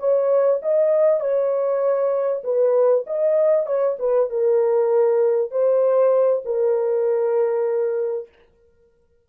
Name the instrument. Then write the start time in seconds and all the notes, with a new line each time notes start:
horn
0.00 C#5
0.63 D#5
1.21 C#5
2.44 B4
3.07 D#5
3.67 C#5
4.00 B4
4.30 A#4
5.52 C5
6.45 A#4